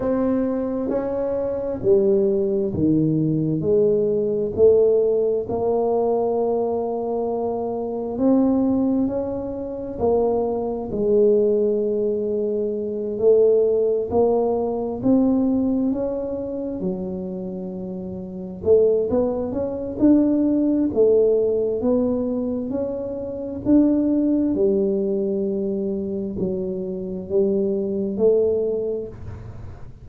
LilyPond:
\new Staff \with { instrumentName = "tuba" } { \time 4/4 \tempo 4 = 66 c'4 cis'4 g4 dis4 | gis4 a4 ais2~ | ais4 c'4 cis'4 ais4 | gis2~ gis8 a4 ais8~ |
ais8 c'4 cis'4 fis4.~ | fis8 a8 b8 cis'8 d'4 a4 | b4 cis'4 d'4 g4~ | g4 fis4 g4 a4 | }